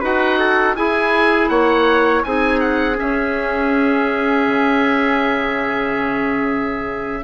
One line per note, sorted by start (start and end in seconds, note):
0.00 0.76 D#4
0.00 0.75 F#4
0.00 0.37 B4
0.00 0.76 F#5
0.39 0.76 A4
0.75 2.23 E4
0.75 1.49 E4
0.75 1.50 G#4
0.75 1.48 G#5
1.48 2.23 A#3
1.48 2.24 C#5
1.48 2.22 F#5
2.23 2.99 C4
2.23 2.94 D#4
2.23 7.23 G#4
2.23 2.60 G#5
2.60 2.97 F#5
2.94 7.20 C#4
2.94 7.23 E5
3.01 4.47 C#4
4.47 7.23 C#3